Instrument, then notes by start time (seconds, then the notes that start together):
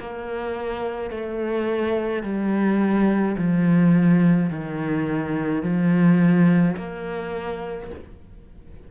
cello
0.00 A#3
1.11 A3
2.23 G3
3.38 F3
4.50 D#3
5.63 F3
6.77 A#3